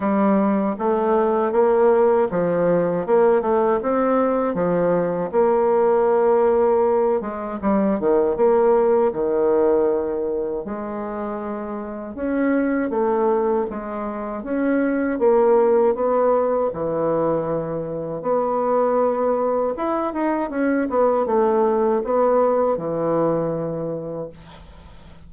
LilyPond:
\new Staff \with { instrumentName = "bassoon" } { \time 4/4 \tempo 4 = 79 g4 a4 ais4 f4 | ais8 a8 c'4 f4 ais4~ | ais4. gis8 g8 dis8 ais4 | dis2 gis2 |
cis'4 a4 gis4 cis'4 | ais4 b4 e2 | b2 e'8 dis'8 cis'8 b8 | a4 b4 e2 | }